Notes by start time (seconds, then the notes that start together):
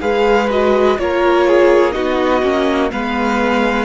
0.00 G#3 G#4 B4 F5
0.50 F#4 D#5
0.98 A#3 F4 A#4 C#5
1.48 G#4
1.92 B3 D#4 F#4 D#5
2.43 A#3 C#4
2.92 G#3 B3 B4 F5